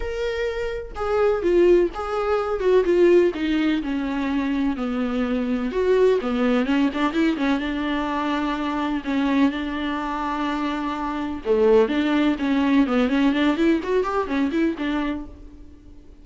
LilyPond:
\new Staff \with { instrumentName = "viola" } { \time 4/4 \tempo 4 = 126 ais'2 gis'4 f'4 | gis'4. fis'8 f'4 dis'4 | cis'2 b2 | fis'4 b4 cis'8 d'8 e'8 cis'8 |
d'2. cis'4 | d'1 | a4 d'4 cis'4 b8 cis'8 | d'8 e'8 fis'8 g'8 cis'8 e'8 d'4 | }